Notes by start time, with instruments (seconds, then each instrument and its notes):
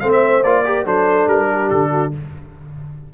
0.00 tuba A3, trombone C4, horn C5, trumpet F5
0.12 trumpet E5
0.44 tuba A#3, trombone F4, trumpet D5
0.65 trombone G4, horn A#4
0.85 tuba F#3, trombone D4, horn A4, trumpet C5
1.27 tuba G3, trumpet A#4
1.50 horn G4
1.70 tuba D3, trumpet A4
1.91 horn F#4